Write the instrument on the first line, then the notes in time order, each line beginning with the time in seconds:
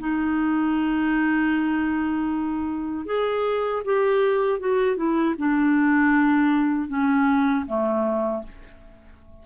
clarinet
0.00 D#4
3.06 G#4
3.85 G4
4.60 F#4
4.97 E4
5.38 D4
6.89 C#4
7.67 A3